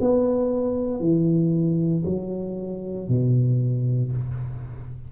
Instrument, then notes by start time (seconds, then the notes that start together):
tuba
0.00 B3
1.00 E3
2.05 F#3
3.08 B2